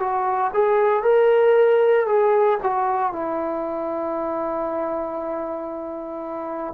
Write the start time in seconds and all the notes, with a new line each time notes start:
0.00 F#4
0.54 G#4
1.03 A#4
2.07 G#4
2.63 F#4
3.13 E4